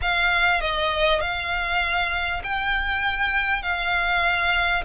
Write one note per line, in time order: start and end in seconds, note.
0.01 0.60 F5
0.60 1.20 D#5
1.20 2.41 F5
2.43 3.62 G5
3.62 4.83 F5